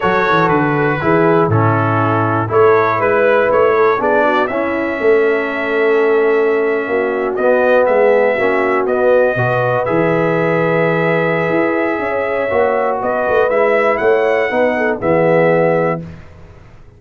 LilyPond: <<
  \new Staff \with { instrumentName = "trumpet" } { \time 4/4 \tempo 4 = 120 cis''4 b'2 a'4~ | a'4 cis''4 b'4 cis''4 | d''4 e''2.~ | e''2~ e''8. dis''4 e''16~ |
e''4.~ e''16 dis''2 e''16~ | e''1~ | e''2 dis''4 e''4 | fis''2 e''2 | }
  \new Staff \with { instrumentName = "horn" } { \time 4/4 a'2 gis'4 e'4~ | e'4 a'4 b'4. a'8 | gis'8 fis'8 e'4 a'2~ | a'4.~ a'16 fis'2 gis'16~ |
gis'8. fis'2 b'4~ b'16~ | b'1 | cis''2 b'2 | cis''4 b'8 a'8 gis'2 | }
  \new Staff \with { instrumentName = "trombone" } { \time 4/4 fis'2 e'4 cis'4~ | cis'4 e'2. | d'4 cis'2.~ | cis'2~ cis'8. b4~ b16~ |
b8. cis'4 b4 fis'4 gis'16~ | gis'1~ | gis'4 fis'2 e'4~ | e'4 dis'4 b2 | }
  \new Staff \with { instrumentName = "tuba" } { \time 4/4 fis8 e8 d4 e4 a,4~ | a,4 a4 gis4 a4 | b4 cis'4 a2~ | a4.~ a16 ais4 b4 gis16~ |
gis8. ais4 b4 b,4 e16~ | e2. e'4 | cis'4 ais4 b8 a8 gis4 | a4 b4 e2 | }
>>